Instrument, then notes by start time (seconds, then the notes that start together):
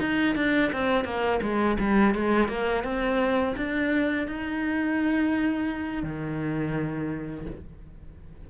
cello
0.00 D#4
0.36 D4
0.73 C4
1.05 A#3
1.42 G#3
1.79 G3
2.15 G#3
2.48 A#3
2.84 C4
3.56 D4
4.28 D#4
6.03 D#3